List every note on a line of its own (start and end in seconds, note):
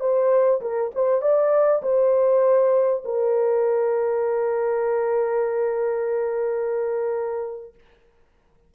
0.00 0.61 C5
0.61 0.91 A#4
0.95 1.21 C5
1.21 1.82 D5
1.83 3.04 C5
3.05 7.74 A#4